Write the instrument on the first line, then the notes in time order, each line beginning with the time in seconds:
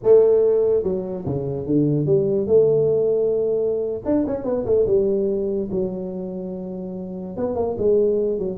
tuba
0.03 A3
0.83 F#3
1.25 C#3
1.66 D3
2.06 G3
2.46 A3
4.05 D4
4.27 C#4
4.44 B3
4.65 A3
4.86 G3
5.71 F#3
7.37 B3
7.55 A#3
7.78 G#3
8.38 F#3